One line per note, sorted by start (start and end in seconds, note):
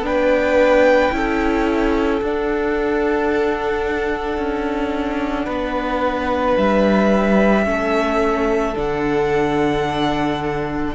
0.00 1.09 B3
0.00 1.11 D4
0.00 1.15 B4
0.00 2.23 G5
1.11 2.21 C#4
1.11 2.20 E4
1.11 5.46 A4
2.21 4.37 D4
2.21 7.64 D4
2.21 6.57 F#5
4.37 5.47 C#4
5.46 6.56 B3
5.46 7.64 B4
6.57 7.66 G3
6.57 8.75 E5
7.64 8.75 A3
7.64 8.73 C#4
7.64 10.95 A4
8.75 10.95 D3
8.75 10.93 D4
8.75 10.95 F#5